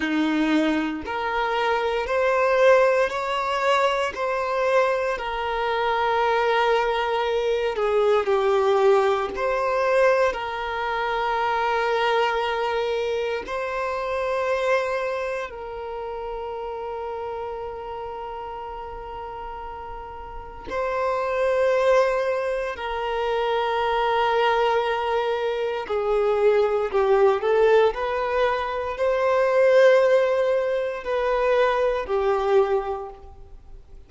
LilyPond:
\new Staff \with { instrumentName = "violin" } { \time 4/4 \tempo 4 = 58 dis'4 ais'4 c''4 cis''4 | c''4 ais'2~ ais'8 gis'8 | g'4 c''4 ais'2~ | ais'4 c''2 ais'4~ |
ais'1 | c''2 ais'2~ | ais'4 gis'4 g'8 a'8 b'4 | c''2 b'4 g'4 | }